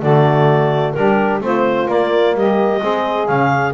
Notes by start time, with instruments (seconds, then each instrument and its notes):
0.00 double bass D3, trombone A3, saxophone F#4, clarinet D5
0.92 double bass G3, trombone D4, saxophone G4, clarinet A#4
1.40 double bass A3, trombone C4, saxophone F4, clarinet C5
1.87 trombone A#3, double bass A#3, clarinet D5
2.34 double bass G3, saxophone G4, clarinet D#5
2.81 double bass G#3, trombone C4, saxophone G#4
3.27 double bass C#3, trombone C#4, clarinet F5